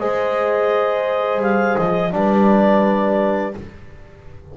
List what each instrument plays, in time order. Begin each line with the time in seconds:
0.00 double bass G#3, trombone G#4, horn C5, clarinet D#5
1.40 double bass G3, clarinet F5
1.77 double bass F3, clarinet D#5
2.12 double bass G3, trombone D4, horn B4, clarinet D5